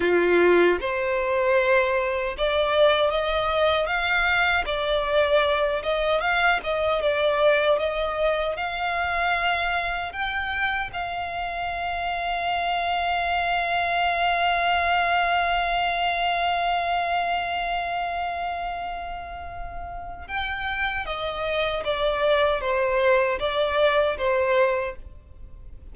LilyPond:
\new Staff \with { instrumentName = "violin" } { \time 4/4 \tempo 4 = 77 f'4 c''2 d''4 | dis''4 f''4 d''4. dis''8 | f''8 dis''8 d''4 dis''4 f''4~ | f''4 g''4 f''2~ |
f''1~ | f''1~ | f''2 g''4 dis''4 | d''4 c''4 d''4 c''4 | }